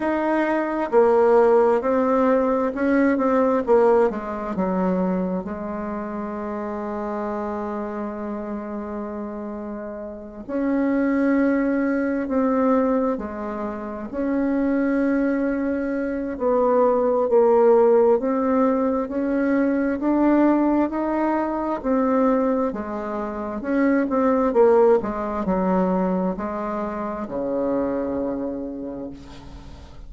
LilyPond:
\new Staff \with { instrumentName = "bassoon" } { \time 4/4 \tempo 4 = 66 dis'4 ais4 c'4 cis'8 c'8 | ais8 gis8 fis4 gis2~ | gis2.~ gis8 cis'8~ | cis'4. c'4 gis4 cis'8~ |
cis'2 b4 ais4 | c'4 cis'4 d'4 dis'4 | c'4 gis4 cis'8 c'8 ais8 gis8 | fis4 gis4 cis2 | }